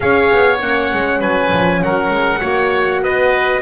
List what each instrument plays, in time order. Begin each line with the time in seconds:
0.00 double bass C#4, horn G#4, oboe C#5, trumpet F5
0.31 double bass B3
0.60 double bass A#3, horn C#4, trumpet F#5
0.92 double bass G#3
1.19 double bass F#3, oboe B4, trumpet G#5
1.52 double bass F3
1.83 double bass F#3, oboe A#4, trumpet F#5
2.10 double bass G#3
2.40 double bass A#3, horn F#4, oboe C#5
3.02 double bass B3, oboe B4, trumpet D#5